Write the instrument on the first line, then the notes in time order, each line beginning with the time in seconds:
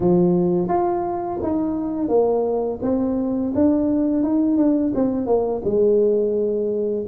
tuba
0.00 F3
0.68 F4
1.42 D#4
2.08 A#3
2.82 C4
3.54 D4
4.23 D#4
4.57 D4
4.94 C4
5.26 A#3
5.64 G#3